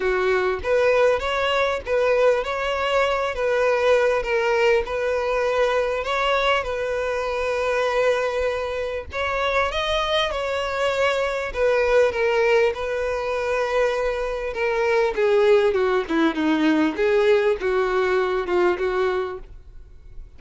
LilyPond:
\new Staff \with { instrumentName = "violin" } { \time 4/4 \tempo 4 = 99 fis'4 b'4 cis''4 b'4 | cis''4. b'4. ais'4 | b'2 cis''4 b'4~ | b'2. cis''4 |
dis''4 cis''2 b'4 | ais'4 b'2. | ais'4 gis'4 fis'8 e'8 dis'4 | gis'4 fis'4. f'8 fis'4 | }